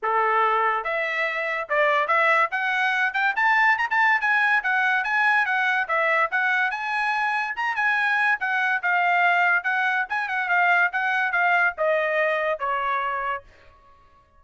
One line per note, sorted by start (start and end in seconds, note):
0.02 0.84 A4
0.84 1.67 E5
1.69 2.07 D5
2.07 2.49 E5
2.51 3.13 F#5
3.13 3.34 G5
3.36 3.78 A5
3.78 3.88 A#5
3.90 4.20 A5
4.20 4.62 G#5
4.63 5.04 F#5
5.04 5.45 G#5
5.45 5.87 F#5
5.88 6.30 E5
6.31 6.70 F#5
6.70 7.54 G#5
7.55 7.75 A#5
7.75 8.38 G#5
8.40 8.82 F#5
8.82 9.63 F5
9.63 10.05 F#5
10.09 10.28 G#5
10.28 10.48 F#5
10.48 10.90 F5
10.92 11.32 F#5
11.32 11.74 F5
11.77 12.59 D#5
12.59 13.43 C#5